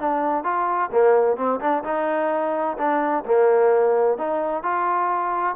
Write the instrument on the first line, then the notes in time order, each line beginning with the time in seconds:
trombone
0.00 D4
0.44 F4
0.92 A#3
1.37 C4
1.60 D4
1.84 D#4
2.78 D4
3.26 A#3
4.18 D#4
4.63 F4